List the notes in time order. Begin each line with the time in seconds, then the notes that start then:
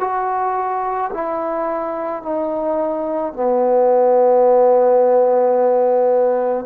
0.00 F#4
1.14 E4
2.22 D#4
3.33 B3